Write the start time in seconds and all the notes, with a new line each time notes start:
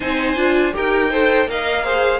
0.00 C4 D#4 C5 G#5
0.36 D4 F4
0.73 D#4 G4 A#4 G5
1.11 A4 C5
1.46 A#3 A#4 D#5 F5
1.83 G#4 C5